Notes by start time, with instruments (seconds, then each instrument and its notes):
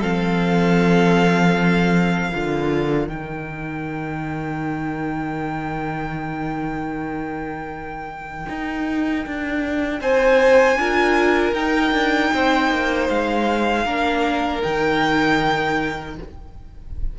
0.00 cello F3, viola C4, violin A4 F5
2.29 cello D3, viola F4, violin A#4
3.08 cello D#3, viola D#4, violin G5
8.49 cello D#4
9.26 cello D4
10.01 cello C4, violin C5 G#5
10.76 cello D4, viola F4, violin A#4
11.53 cello D#4, viola D#4, violin G5
11.92 cello D4
12.33 cello C4, violin C5
12.71 cello A#3
13.09 cello G#3, violin F5
13.85 cello A#3, viola D4, violin A#4
14.62 cello D#3, viola D#4, violin G5